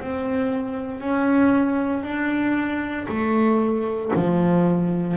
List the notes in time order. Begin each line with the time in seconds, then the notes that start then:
0.00 C4
1.01 C#4
2.04 D4
3.08 A3
4.15 F3